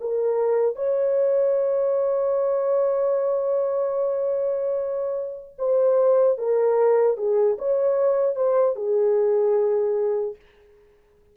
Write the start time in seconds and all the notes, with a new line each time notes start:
0.00 A#4
0.75 C#5
5.58 C5
6.38 A#4
7.17 G#4
7.58 C#5
8.35 C5
8.75 G#4